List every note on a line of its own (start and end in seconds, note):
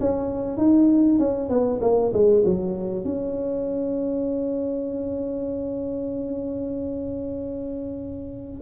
0.00 0.57 C#4
0.57 1.19 D#4
1.19 1.49 C#4
1.49 1.80 B3
1.81 2.12 A#3
2.13 2.44 G#3
2.44 3.04 F#3
3.04 8.61 C#4